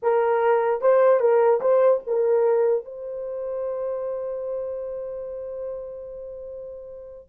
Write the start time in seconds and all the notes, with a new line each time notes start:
0.02 A#4
0.81 C5
1.20 A#4
1.60 C5
2.06 A#4
2.84 C5